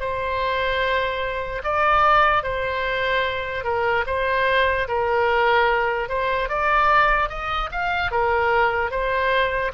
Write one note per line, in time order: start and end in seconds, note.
0.00 1.62 C5
1.64 2.43 D5
2.43 3.64 C5
3.64 4.04 A#4
4.06 4.87 C5
4.88 6.08 A#4
6.08 6.49 C5
6.49 7.29 D5
7.29 7.70 D#5
7.72 8.11 F5
8.11 8.90 A#4
8.90 9.71 C5